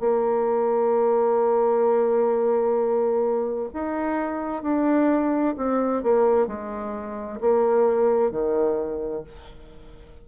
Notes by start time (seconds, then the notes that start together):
0.00 A#3
3.74 D#4
4.63 D4
5.58 C4
6.03 A#3
6.47 G#3
7.41 A#3
8.31 D#3